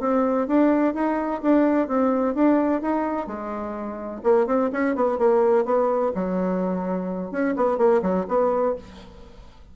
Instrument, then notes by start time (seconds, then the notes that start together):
bassoon
0.00 C4
0.47 D4
0.94 D#4
1.42 D4
1.88 C4
2.35 D4
2.82 D#4
3.27 G#3
4.23 A#3
4.46 C4
4.73 C#4
4.95 B3
5.18 A#3
5.65 B3
6.15 F#3
7.31 C#4
7.56 B3
7.78 A#3
8.02 F#3
8.28 B3